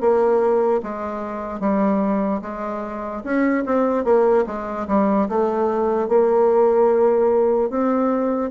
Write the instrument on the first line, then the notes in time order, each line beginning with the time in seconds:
bassoon
0.00 A#3
0.83 G#3
1.60 G3
2.41 G#3
3.24 C#4
3.65 C4
4.04 A#3
4.46 G#3
4.88 G3
5.29 A3
6.08 A#3
7.70 C4